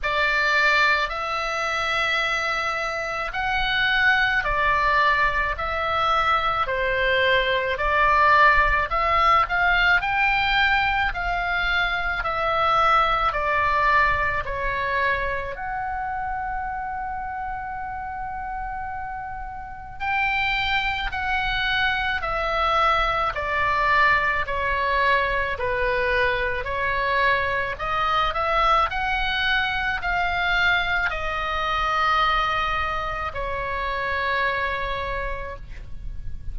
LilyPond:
\new Staff \with { instrumentName = "oboe" } { \time 4/4 \tempo 4 = 54 d''4 e''2 fis''4 | d''4 e''4 c''4 d''4 | e''8 f''8 g''4 f''4 e''4 | d''4 cis''4 fis''2~ |
fis''2 g''4 fis''4 | e''4 d''4 cis''4 b'4 | cis''4 dis''8 e''8 fis''4 f''4 | dis''2 cis''2 | }